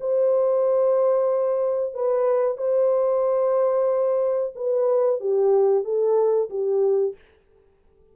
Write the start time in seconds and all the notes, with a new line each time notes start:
0.00 C5
1.94 B4
2.57 C5
4.55 B4
5.20 G4
5.84 A4
6.50 G4